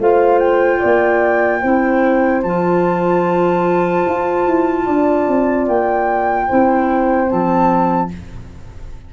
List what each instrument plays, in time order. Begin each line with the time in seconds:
0.00 tuba A3, clarinet F4, horn C5, flute F5
0.39 flute G5
0.80 tuba A#3, horn D5
1.61 tuba C4, clarinet E4, horn C5
2.43 tuba F3, clarinet F4, flute A5
4.07 tuba F4
4.47 tuba E4
4.86 tuba D4, horn D5
5.28 tuba C4
5.68 tuba A#3, flute G5
6.48 tuba C4, clarinet E4, horn C5
7.28 tuba F3, clarinet C4, flute A5